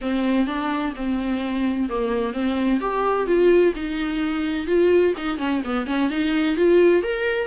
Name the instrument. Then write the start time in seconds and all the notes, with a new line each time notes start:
viola
0.01 C4
0.46 D4
0.95 C4
1.89 A#3
2.33 C4
2.80 G4
3.26 F4
3.75 D#4
4.66 F4
5.17 D#4
5.38 C#4
5.64 B3
5.86 C#4
6.10 D#4
6.56 F4
7.02 A#4